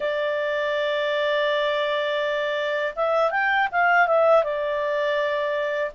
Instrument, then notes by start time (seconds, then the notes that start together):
clarinet
0.00 D5
2.95 E5
3.31 G5
3.71 F5
4.07 E5
4.43 D5